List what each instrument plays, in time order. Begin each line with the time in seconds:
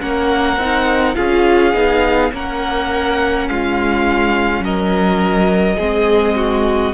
0.00 cello A#3, viola C#4, violin A#4 F#5
0.57 cello C4, viola D#4
1.15 cello C#4, viola F4, violin G#4 F5
1.73 cello B3, viola D#4
2.31 cello A#3, viola C#4, violin A#4 F#5
3.48 cello G#3, violin F4 F5
4.60 cello F#3, violin A#4 D#5
5.76 cello G#3, viola C4, violin G#4
6.36 violin F#4